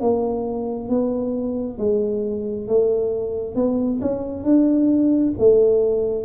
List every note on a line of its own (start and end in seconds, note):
0.00 0.88 A#3
0.88 1.77 B3
1.77 2.67 G#3
2.67 3.55 A3
3.55 4.00 B3
4.01 4.43 C#4
4.43 5.33 D4
5.38 6.24 A3